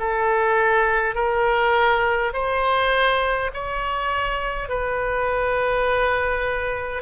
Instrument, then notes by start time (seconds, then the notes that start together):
oboe
0.00 A4
1.15 A#4
2.34 C5
3.54 C#5
4.69 B4